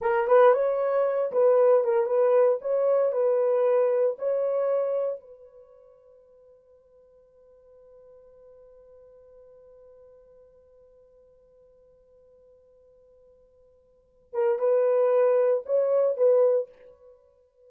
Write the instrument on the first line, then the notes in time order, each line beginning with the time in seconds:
horn
0.01 A#4
0.27 B4
0.53 C#5
1.32 B4
1.84 A#4
2.06 B4
2.61 C#5
3.12 B4
4.18 C#5
5.20 B4
14.33 A#4
14.58 B4
15.65 C#5
16.16 B4